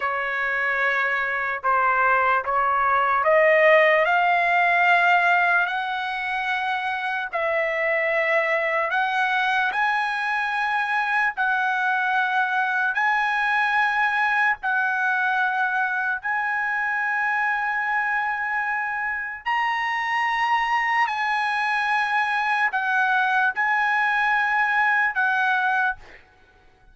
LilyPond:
\new Staff \with { instrumentName = "trumpet" } { \time 4/4 \tempo 4 = 74 cis''2 c''4 cis''4 | dis''4 f''2 fis''4~ | fis''4 e''2 fis''4 | gis''2 fis''2 |
gis''2 fis''2 | gis''1 | ais''2 gis''2 | fis''4 gis''2 fis''4 | }